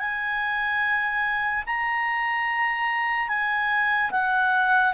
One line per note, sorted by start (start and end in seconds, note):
0.00 1.64 G#5
1.67 3.29 A#5
3.29 4.11 G#5
4.11 4.94 F#5